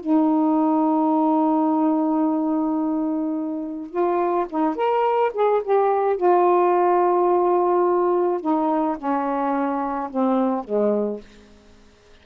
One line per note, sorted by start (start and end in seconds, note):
0.00 3.90 D#4
3.90 4.46 F4
4.49 4.75 D#4
4.75 5.31 A#4
5.33 5.62 G#4
5.64 6.16 G4
6.16 8.41 F4
8.41 8.97 D#4
8.97 10.10 C#4
10.10 10.64 C4
10.64 11.20 G#3